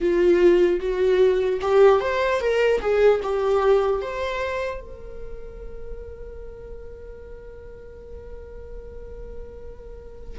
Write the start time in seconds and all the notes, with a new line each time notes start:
0.00 F4
0.80 F#4
1.61 G4
2.00 C5
2.40 A#4
2.80 G#4
3.22 G4
4.01 C5
4.80 A#4